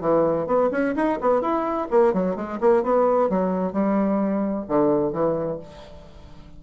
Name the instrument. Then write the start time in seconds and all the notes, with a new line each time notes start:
bassoon
0.00 E3
0.46 B3
0.71 C#4
0.95 D#4
1.21 B3
1.41 E4
1.90 A#3
2.13 F#3
2.36 G#3
2.60 A#3
2.83 B3
3.29 F#3
3.72 G3
4.68 D3
5.12 E3